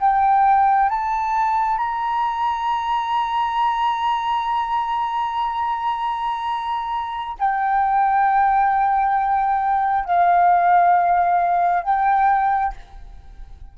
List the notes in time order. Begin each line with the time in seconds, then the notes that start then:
0.00 G5
0.90 A5
1.78 A#5
7.39 G5
10.05 F5
11.84 G5